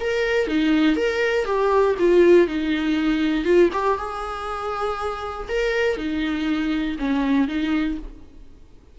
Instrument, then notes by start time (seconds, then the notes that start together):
viola
0.00 A#4
0.47 D#4
0.96 A#4
1.45 G4
1.99 F4
2.47 D#4
3.44 F4
3.72 G4
3.98 G#4
5.49 A#4
5.97 D#4
6.99 C#4
7.47 D#4